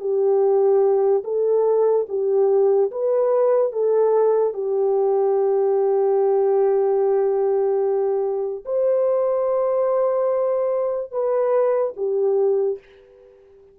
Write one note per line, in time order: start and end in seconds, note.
0.00 1.23 G4
1.24 2.06 A4
2.09 2.91 G4
2.91 3.72 B4
3.72 4.54 A4
4.54 8.65 G4
8.65 11.11 C5
11.11 11.94 B4
11.97 12.79 G4